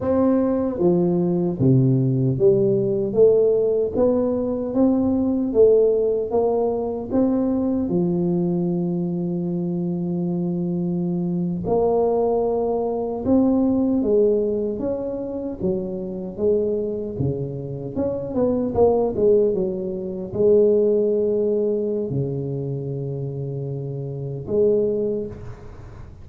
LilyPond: \new Staff \with { instrumentName = "tuba" } { \time 4/4 \tempo 4 = 76 c'4 f4 c4 g4 | a4 b4 c'4 a4 | ais4 c'4 f2~ | f2~ f8. ais4~ ais16~ |
ais8. c'4 gis4 cis'4 fis16~ | fis8. gis4 cis4 cis'8 b8 ais16~ | ais16 gis8 fis4 gis2~ gis16 | cis2. gis4 | }